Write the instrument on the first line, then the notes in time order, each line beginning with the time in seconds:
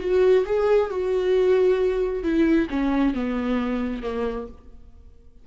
viola
0.00 F#4
0.45 G#4
0.90 F#4
2.23 E4
2.70 C#4
3.14 B3
4.02 A#3